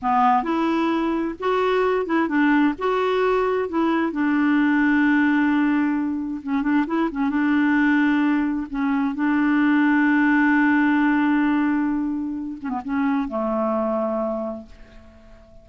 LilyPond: \new Staff \with { instrumentName = "clarinet" } { \time 4/4 \tempo 4 = 131 b4 e'2 fis'4~ | fis'8 e'8 d'4 fis'2 | e'4 d'2.~ | d'2 cis'8 d'8 e'8 cis'8 |
d'2. cis'4 | d'1~ | d'2.~ d'8 cis'16 b16 | cis'4 a2. | }